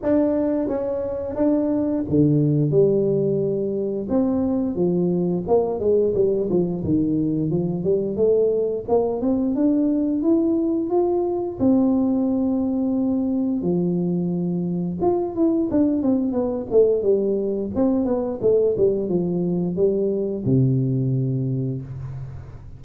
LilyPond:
\new Staff \with { instrumentName = "tuba" } { \time 4/4 \tempo 4 = 88 d'4 cis'4 d'4 d4 | g2 c'4 f4 | ais8 gis8 g8 f8 dis4 f8 g8 | a4 ais8 c'8 d'4 e'4 |
f'4 c'2. | f2 f'8 e'8 d'8 c'8 | b8 a8 g4 c'8 b8 a8 g8 | f4 g4 c2 | }